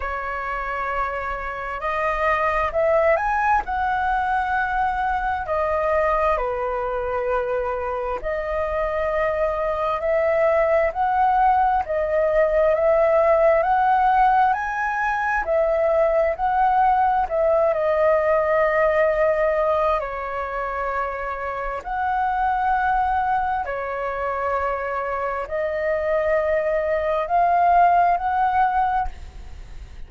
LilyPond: \new Staff \with { instrumentName = "flute" } { \time 4/4 \tempo 4 = 66 cis''2 dis''4 e''8 gis''8 | fis''2 dis''4 b'4~ | b'4 dis''2 e''4 | fis''4 dis''4 e''4 fis''4 |
gis''4 e''4 fis''4 e''8 dis''8~ | dis''2 cis''2 | fis''2 cis''2 | dis''2 f''4 fis''4 | }